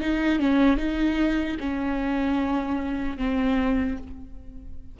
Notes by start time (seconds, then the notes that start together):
0.00 D#4
0.39 C#4
0.77 D#4
1.60 C#4
3.17 C4